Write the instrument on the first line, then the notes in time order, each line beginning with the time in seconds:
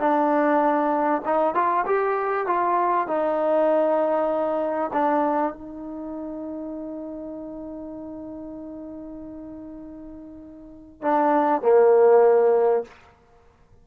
trombone
0.00 D4
1.26 D#4
1.55 F4
1.86 G4
2.47 F4
3.08 D#4
4.93 D4
5.54 D#4
11.02 D4
11.62 A#3